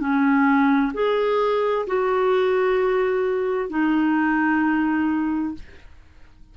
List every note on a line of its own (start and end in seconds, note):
0.00 0.92 C#4
0.94 1.86 G#4
1.87 3.70 F#4
3.70 5.54 D#4